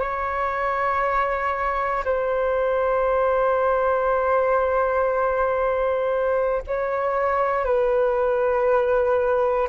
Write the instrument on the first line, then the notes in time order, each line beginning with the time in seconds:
flute
0.00 C#5
2.04 C5
6.67 C#5
7.65 B4